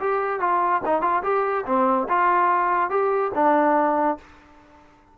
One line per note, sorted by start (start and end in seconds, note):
0.00 0.40 G4
0.40 0.82 F4
0.86 1.02 D#4
1.02 1.22 F4
1.23 1.65 G4
1.66 2.08 C4
2.09 2.90 F4
2.90 3.32 G4
3.35 4.18 D4